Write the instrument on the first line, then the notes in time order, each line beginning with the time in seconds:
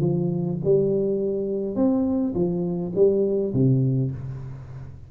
tuba
0.00 F3
0.65 G3
1.76 C4
2.35 F3
2.95 G3
3.54 C3